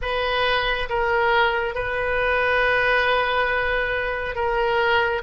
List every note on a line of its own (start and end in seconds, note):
0.01 0.88 B4
0.89 1.74 A#4
1.74 4.35 B4
4.35 5.22 A#4